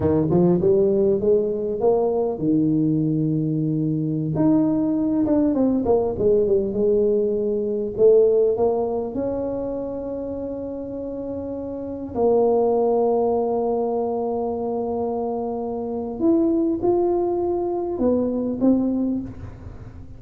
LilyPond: \new Staff \with { instrumentName = "tuba" } { \time 4/4 \tempo 4 = 100 dis8 f8 g4 gis4 ais4 | dis2.~ dis16 dis'8.~ | dis'8. d'8 c'8 ais8 gis8 g8 gis8.~ | gis4~ gis16 a4 ais4 cis'8.~ |
cis'1~ | cis'16 ais2.~ ais8.~ | ais2. e'4 | f'2 b4 c'4 | }